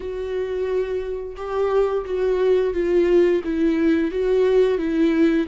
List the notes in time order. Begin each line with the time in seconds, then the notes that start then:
0.00 F#4
1.36 G4
2.05 F#4
2.73 F4
3.43 E4
4.11 F#4
4.78 E4